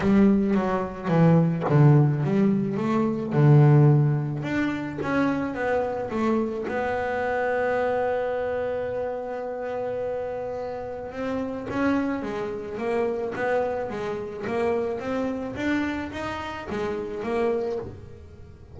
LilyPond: \new Staff \with { instrumentName = "double bass" } { \time 4/4 \tempo 4 = 108 g4 fis4 e4 d4 | g4 a4 d2 | d'4 cis'4 b4 a4 | b1~ |
b1 | c'4 cis'4 gis4 ais4 | b4 gis4 ais4 c'4 | d'4 dis'4 gis4 ais4 | }